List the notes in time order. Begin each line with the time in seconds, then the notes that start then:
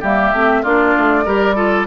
0.00 G3 A#3 G4 E5
0.32 A3 C4
0.62 A#3 D4 F4 D5
0.97 A3
1.25 G3 G4 A#4
1.55 F4 A4